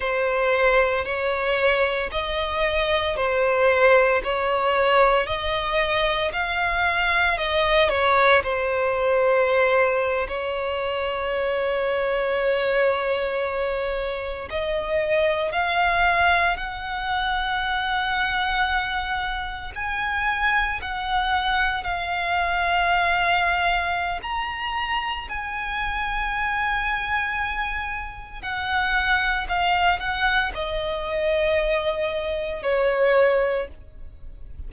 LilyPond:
\new Staff \with { instrumentName = "violin" } { \time 4/4 \tempo 4 = 57 c''4 cis''4 dis''4 c''4 | cis''4 dis''4 f''4 dis''8 cis''8 | c''4.~ c''16 cis''2~ cis''16~ | cis''4.~ cis''16 dis''4 f''4 fis''16~ |
fis''2~ fis''8. gis''4 fis''16~ | fis''8. f''2~ f''16 ais''4 | gis''2. fis''4 | f''8 fis''8 dis''2 cis''4 | }